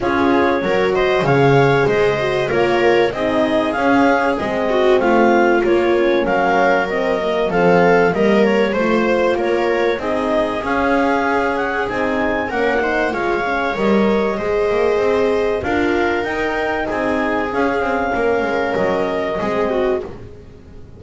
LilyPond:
<<
  \new Staff \with { instrumentName = "clarinet" } { \time 4/4 \tempo 4 = 96 cis''4. dis''8 f''4 dis''4 | cis''4 dis''4 f''4 dis''4 | f''4 cis''4 f''4 dis''4 | f''4 dis''8 cis''8 c''4 cis''4 |
dis''4 f''4. fis''8 gis''4 | fis''4 f''4 dis''2~ | dis''4 f''4 g''4 gis''4 | f''2 dis''2 | }
  \new Staff \with { instrumentName = "viola" } { \time 4/4 gis'4 ais'8 c''8 cis''4 c''4 | ais'4 gis'2~ gis'8 fis'8 | f'2 ais'2 | a'4 ais'4 c''4 ais'4 |
gis'1 | ais'8 c''8 cis''2 c''4~ | c''4 ais'2 gis'4~ | gis'4 ais'2 gis'8 fis'8 | }
  \new Staff \with { instrumentName = "horn" } { \time 4/4 f'4 fis'4 gis'4. fis'8 | f'4 dis'4 cis'4 c'4~ | c'4 ais8 cis'4. c'8 ais8 | c'4 ais4 f'2 |
dis'4 cis'2 dis'4 | cis'8 dis'8 f'8 cis'8 ais'4 gis'4~ | gis'4 f'4 dis'2 | cis'2. c'4 | }
  \new Staff \with { instrumentName = "double bass" } { \time 4/4 cis'4 fis4 cis4 gis4 | ais4 c'4 cis'4 gis4 | a4 ais4 fis2 | f4 g4 a4 ais4 |
c'4 cis'2 c'4 | ais4 gis4 g4 gis8 ais8 | c'4 d'4 dis'4 c'4 | cis'8 c'8 ais8 gis8 fis4 gis4 | }
>>